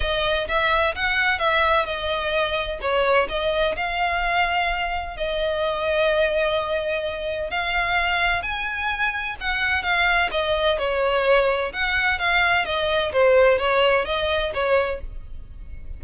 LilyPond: \new Staff \with { instrumentName = "violin" } { \time 4/4 \tempo 4 = 128 dis''4 e''4 fis''4 e''4 | dis''2 cis''4 dis''4 | f''2. dis''4~ | dis''1 |
f''2 gis''2 | fis''4 f''4 dis''4 cis''4~ | cis''4 fis''4 f''4 dis''4 | c''4 cis''4 dis''4 cis''4 | }